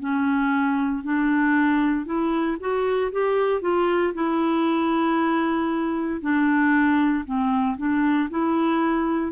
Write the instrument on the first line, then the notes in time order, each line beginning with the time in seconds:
clarinet
0.00 C#4
1.03 D4
2.05 E4
2.60 F#4
3.12 G4
3.61 F4
4.14 E4
6.21 D4
7.25 C4
7.77 D4
8.30 E4